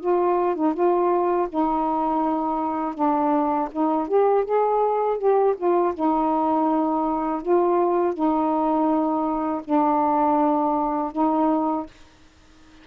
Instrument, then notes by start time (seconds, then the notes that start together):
saxophone
0.00 F4
0.55 D#4
0.73 F4
1.48 D#4
2.95 D4
3.72 D#4
4.08 G4
4.44 G#4
5.18 G4
5.57 F4
5.94 D#4
7.42 F4
8.13 D#4
9.64 D4
11.12 D#4